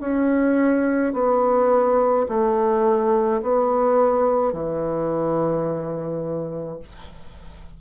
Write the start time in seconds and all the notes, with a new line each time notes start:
0.00 C#4
1.13 B3
2.28 A3
3.42 B3
4.52 E3